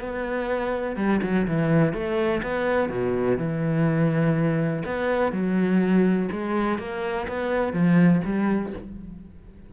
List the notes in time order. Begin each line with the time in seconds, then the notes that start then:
0.00 B3
0.96 G3
1.23 F#3
1.47 E3
1.93 A3
2.42 B3
2.89 B2
3.37 E3
4.85 B3
5.32 F#3
6.32 G#3
6.78 A#3
7.27 B3
7.72 F3
8.24 G3